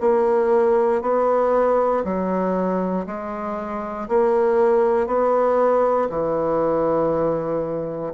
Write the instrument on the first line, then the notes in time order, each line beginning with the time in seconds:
bassoon
0.00 A#3
1.01 B3
2.04 F#3
3.06 G#3
4.08 A#3
5.06 B3
6.09 E3